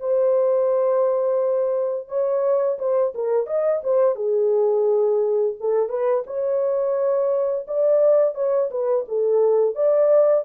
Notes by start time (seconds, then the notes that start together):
0.00 C5
2.08 C#5
2.79 C5
3.15 A#4
3.47 D#5
3.84 C5
4.16 G#4
5.60 A4
5.89 B4
6.27 C#5
7.68 D5
8.35 C#5
8.71 B4
9.09 A4
9.75 D5